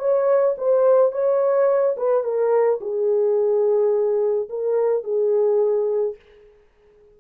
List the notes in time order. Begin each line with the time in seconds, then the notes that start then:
0.00 C#5
0.58 C5
1.12 C#5
1.98 B4
2.24 A#4
2.81 G#4
4.50 A#4
5.04 G#4